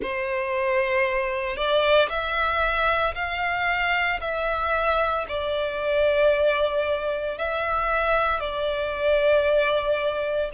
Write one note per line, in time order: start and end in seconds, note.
0.02 1.56 C5
1.56 2.09 D5
2.09 3.14 E5
3.14 4.20 F5
4.21 5.26 E5
5.28 7.37 D5
7.37 8.39 E5
8.39 10.50 D5